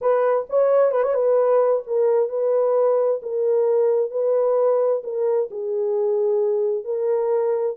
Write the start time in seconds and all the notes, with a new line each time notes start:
0.01 B4
0.49 C#5
0.91 B4
1.03 C#5
1.13 B4
1.86 A#4
2.29 B4
3.22 A#4
4.11 B4
5.03 A#4
5.50 G#4
6.84 A#4